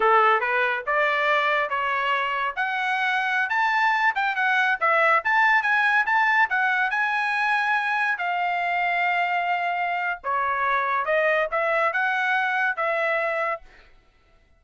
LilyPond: \new Staff \with { instrumentName = "trumpet" } { \time 4/4 \tempo 4 = 141 a'4 b'4 d''2 | cis''2 fis''2~ | fis''16 a''4. g''8 fis''4 e''8.~ | e''16 a''4 gis''4 a''4 fis''8.~ |
fis''16 gis''2. f''8.~ | f''1 | cis''2 dis''4 e''4 | fis''2 e''2 | }